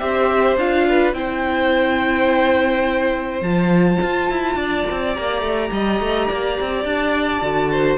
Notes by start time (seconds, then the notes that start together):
0.00 C4 G4 C5 E5
0.57 D4 F4 F5
0.89 B4
1.14 C4 E4 C5 G5
3.41 F3 F4 A5
4.02 F4
4.31 E4
4.56 D4 D5
4.91 C4
5.15 A#3 G4 A#5
5.42 A3
5.72 G3 D#5
6.00 A3
6.28 A#3 D5
6.60 C4
6.85 D4 A5
7.42 D3 F#4
7.72 C5